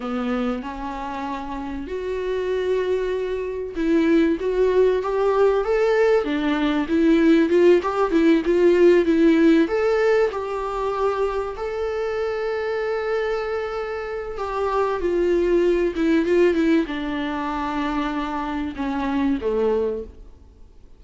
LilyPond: \new Staff \with { instrumentName = "viola" } { \time 4/4 \tempo 4 = 96 b4 cis'2 fis'4~ | fis'2 e'4 fis'4 | g'4 a'4 d'4 e'4 | f'8 g'8 e'8 f'4 e'4 a'8~ |
a'8 g'2 a'4.~ | a'2. g'4 | f'4. e'8 f'8 e'8 d'4~ | d'2 cis'4 a4 | }